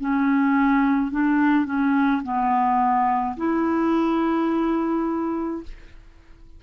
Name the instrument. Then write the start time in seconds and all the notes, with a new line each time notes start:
clarinet
0.00 C#4
1.11 D4
1.65 C#4
2.23 B3
3.37 E4